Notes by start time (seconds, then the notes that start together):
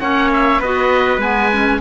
0.00 A#3 C#4 C#5 F#5
0.33 E5
0.60 B3 F#4 B4 D#5
1.18 G#3 B3 G#5
1.52 C#4